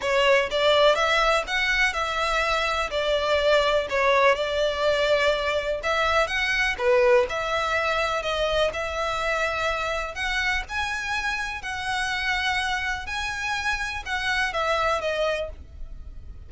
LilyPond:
\new Staff \with { instrumentName = "violin" } { \time 4/4 \tempo 4 = 124 cis''4 d''4 e''4 fis''4 | e''2 d''2 | cis''4 d''2. | e''4 fis''4 b'4 e''4~ |
e''4 dis''4 e''2~ | e''4 fis''4 gis''2 | fis''2. gis''4~ | gis''4 fis''4 e''4 dis''4 | }